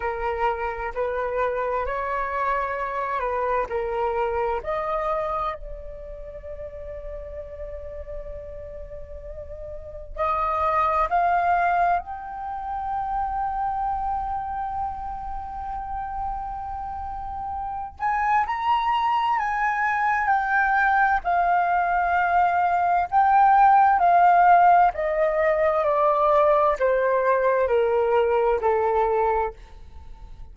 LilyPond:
\new Staff \with { instrumentName = "flute" } { \time 4/4 \tempo 4 = 65 ais'4 b'4 cis''4. b'8 | ais'4 dis''4 d''2~ | d''2. dis''4 | f''4 g''2.~ |
g''2.~ g''8 gis''8 | ais''4 gis''4 g''4 f''4~ | f''4 g''4 f''4 dis''4 | d''4 c''4 ais'4 a'4 | }